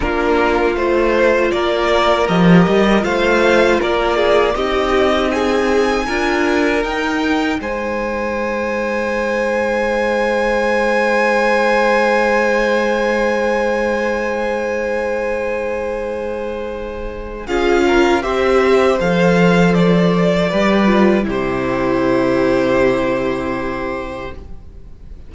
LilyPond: <<
  \new Staff \with { instrumentName = "violin" } { \time 4/4 \tempo 4 = 79 ais'4 c''4 d''4 dis''4 | f''4 d''4 dis''4 gis''4~ | gis''4 g''4 gis''2~ | gis''1~ |
gis''1~ | gis''2. f''4 | e''4 f''4 d''2 | c''1 | }
  \new Staff \with { instrumentName = "violin" } { \time 4/4 f'2 ais'2 | c''4 ais'8 gis'8 g'4 gis'4 | ais'2 c''2~ | c''1~ |
c''1~ | c''2. gis'8 ais'8 | c''2. b'4 | g'1 | }
  \new Staff \with { instrumentName = "viola" } { \time 4/4 d'4 f'2 g'4 | f'2 dis'2 | f'4 dis'2.~ | dis'1~ |
dis'1~ | dis'2. f'4 | g'4 a'2 g'8 f'8 | e'1 | }
  \new Staff \with { instrumentName = "cello" } { \time 4/4 ais4 a4 ais4 f8 g8 | a4 ais4 c'2 | d'4 dis'4 gis2~ | gis1~ |
gis1~ | gis2. cis'4 | c'4 f2 g4 | c1 | }
>>